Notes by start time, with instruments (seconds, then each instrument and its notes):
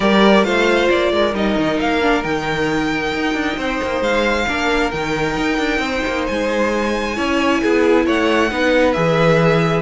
0.00 cello G3, viola G4, violin A#4 D5
0.44 cello A3, viola F4, violin C5 F5
0.89 cello A#3, violin D5
1.12 cello G#3, violin A#4
1.33 cello G3, viola D#4, violin D#5
1.57 cello D#3
1.79 cello A#3, violin F5
2.01 viola D4
2.22 cello D#3, viola D#4, violin G5
3.14 cello D#4
3.34 cello D4
3.56 cello C4, violin C5
3.83 cello A#3
4.00 cello G#3, violin F5
4.47 cello A#3, viola D4, violin A#4
4.91 cello D#3, viola D#4, violin G5
5.37 cello D#4
5.58 cello D4
5.78 cello C4, violin C5
6.06 cello A#3
6.26 cello G#3, violin G#5
7.15 cello C#4, viola E4, violin C#5
7.62 cello B3, violin G#4
8.05 cello A3, violin C#5 F#5
8.50 cello B3, viola D#4, violin B4
8.92 cello E3, viola G#4, violin E5